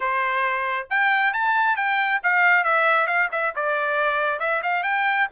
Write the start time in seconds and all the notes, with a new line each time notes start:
0.00 C5
0.90 G5
1.33 A5
1.76 G5
2.23 F5
2.64 E5
3.06 F5
3.31 E5
3.55 D5
4.39 E5
4.62 F5
4.83 G5